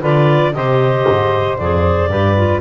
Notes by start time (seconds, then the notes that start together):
0.00 D3 F4 B4 D5
0.53 C3 G4 C5 D#5
1.08 G#2
1.57 F2 G#4 D5
2.08 G2 G4 B4
2.36 F4